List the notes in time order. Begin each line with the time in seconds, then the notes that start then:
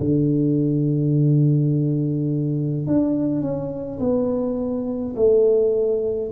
0.00 D3
2.87 D4
3.42 C#4
4.00 B3
5.16 A3